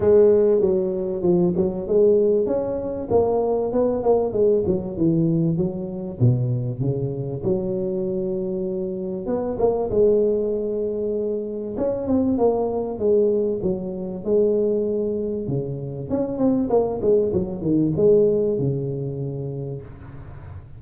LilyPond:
\new Staff \with { instrumentName = "tuba" } { \time 4/4 \tempo 4 = 97 gis4 fis4 f8 fis8 gis4 | cis'4 ais4 b8 ais8 gis8 fis8 | e4 fis4 b,4 cis4 | fis2. b8 ais8 |
gis2. cis'8 c'8 | ais4 gis4 fis4 gis4~ | gis4 cis4 cis'8 c'8 ais8 gis8 | fis8 dis8 gis4 cis2 | }